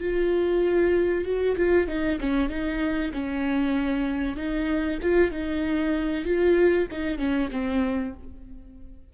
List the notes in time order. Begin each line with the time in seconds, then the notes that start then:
0.00 F4
1.25 F#4
1.57 F4
1.88 D#4
2.20 C#4
2.49 D#4
3.13 C#4
4.36 D#4
5.02 F4
5.31 D#4
6.25 F4
6.91 D#4
7.18 C#4
7.51 C4